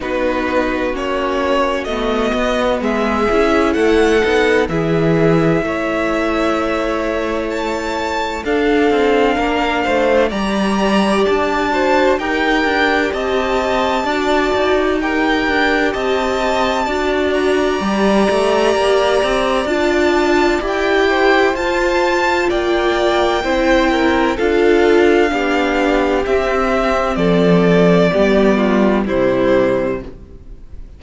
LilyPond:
<<
  \new Staff \with { instrumentName = "violin" } { \time 4/4 \tempo 4 = 64 b'4 cis''4 dis''4 e''4 | fis''4 e''2. | a''4 f''2 ais''4 | a''4 g''4 a''2 |
g''4 a''4. ais''4.~ | ais''4 a''4 g''4 a''4 | g''2 f''2 | e''4 d''2 c''4 | }
  \new Staff \with { instrumentName = "violin" } { \time 4/4 fis'2. gis'4 | a'4 gis'4 cis''2~ | cis''4 a'4 ais'8 c''8 d''4~ | d''8 c''8 ais'4 dis''4 d''4 |
ais'4 dis''4 d''2~ | d''2~ d''8 c''4. | d''4 c''8 ais'8 a'4 g'4~ | g'4 a'4 g'8 f'8 e'4 | }
  \new Staff \with { instrumentName = "viola" } { \time 4/4 dis'4 cis'4 b4. e'8~ | e'8 dis'8 e'2.~ | e'4 d'2 g'4~ | g'8 fis'8 g'2 fis'4 |
g'2 fis'4 g'4~ | g'4 f'4 g'4 f'4~ | f'4 e'4 f'4 d'4 | c'2 b4 g4 | }
  \new Staff \with { instrumentName = "cello" } { \time 4/4 b4 ais4 a8 b8 gis8 cis'8 | a8 b8 e4 a2~ | a4 d'8 c'8 ais8 a8 g4 | d'4 dis'8 d'8 c'4 d'8 dis'8~ |
dis'8 d'8 c'4 d'4 g8 a8 | ais8 c'8 d'4 e'4 f'4 | ais4 c'4 d'4 b4 | c'4 f4 g4 c4 | }
>>